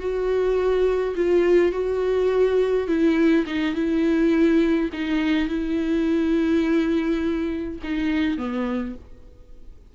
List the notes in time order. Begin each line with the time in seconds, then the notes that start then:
0.00 F#4
1.16 F4
1.73 F#4
2.88 E4
3.47 D#4
3.75 E4
4.93 D#4
5.49 E4
7.84 D#4
8.38 B3